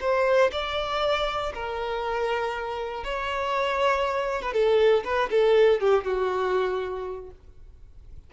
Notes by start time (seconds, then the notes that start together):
0.00 C5
0.52 D5
1.54 A#4
3.04 C#5
4.42 B4
4.53 A4
5.04 B4
5.30 A4
5.80 G4
6.04 F#4